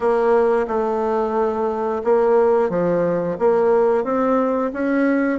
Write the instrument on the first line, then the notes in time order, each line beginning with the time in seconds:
bassoon
0.00 A#3
0.67 A3
2.03 A#3
2.69 F3
3.38 A#3
4.04 C4
4.73 C#4